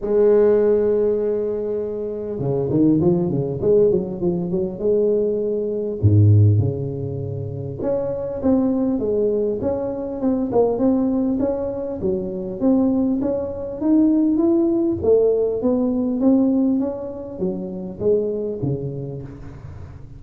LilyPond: \new Staff \with { instrumentName = "tuba" } { \time 4/4 \tempo 4 = 100 gis1 | cis8 dis8 f8 cis8 gis8 fis8 f8 fis8 | gis2 gis,4 cis4~ | cis4 cis'4 c'4 gis4 |
cis'4 c'8 ais8 c'4 cis'4 | fis4 c'4 cis'4 dis'4 | e'4 a4 b4 c'4 | cis'4 fis4 gis4 cis4 | }